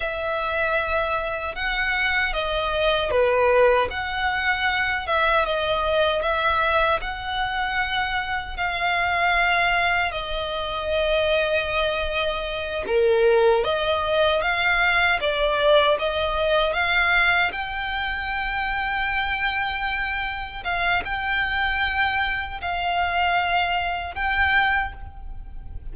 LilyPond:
\new Staff \with { instrumentName = "violin" } { \time 4/4 \tempo 4 = 77 e''2 fis''4 dis''4 | b'4 fis''4. e''8 dis''4 | e''4 fis''2 f''4~ | f''4 dis''2.~ |
dis''8 ais'4 dis''4 f''4 d''8~ | d''8 dis''4 f''4 g''4.~ | g''2~ g''8 f''8 g''4~ | g''4 f''2 g''4 | }